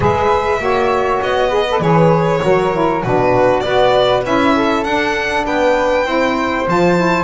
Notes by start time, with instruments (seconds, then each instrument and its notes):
0.00 double bass G#3, saxophone G#4, flute B4, violin E5
0.59 double bass A#3, saxophone F#4, flute C#5
1.21 double bass B3, violin D#5
1.48 saxophone G#4, flute B4
1.70 saxophone A4
1.80 double bass E3, saxophone G#4, violin C#5
2.41 double bass F#3, saxophone F#4, flute A#4
2.72 saxophone E4
3.02 double bass B2, saxophone D4, flute F#4, violin B4
3.60 double bass B3, saxophone F#4, flute B4, violin D5
4.24 double bass C#4, saxophone E4, violin E5
4.55 flute A4
4.84 double bass D4, saxophone D4, violin F#5
5.45 double bass B3, flute B4, violin G5
6.05 double bass C4, saxophone E4, flute C5
6.67 double bass F3, saxophone F4, violin A5
6.96 saxophone E4